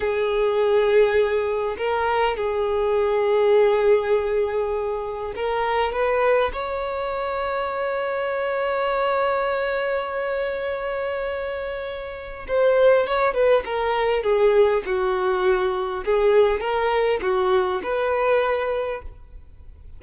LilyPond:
\new Staff \with { instrumentName = "violin" } { \time 4/4 \tempo 4 = 101 gis'2. ais'4 | gis'1~ | gis'4 ais'4 b'4 cis''4~ | cis''1~ |
cis''1~ | cis''4 c''4 cis''8 b'8 ais'4 | gis'4 fis'2 gis'4 | ais'4 fis'4 b'2 | }